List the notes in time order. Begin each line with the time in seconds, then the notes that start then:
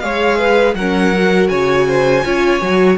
0.00 G#3 G#4 C#5 F5
0.38 B4
0.75 F#3 C#4 A#4 F#5
1.14 F#4
1.49 C#3 C#5 G#5
1.88 C5
2.24 C#4 F4 C#5
2.61 F#3 F#4